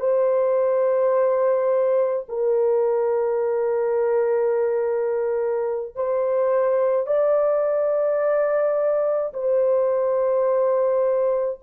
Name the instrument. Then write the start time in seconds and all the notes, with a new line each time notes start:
horn
0.00 C5
2.28 A#4
5.95 C5
7.07 D5
9.33 C5